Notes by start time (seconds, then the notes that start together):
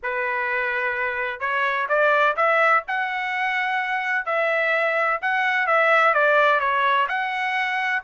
0.02 B4
1.39 C#5
1.88 D5
2.36 E5
2.87 F#5
4.25 E5
5.21 F#5
5.66 E5
6.14 D5
6.60 C#5
7.08 F#5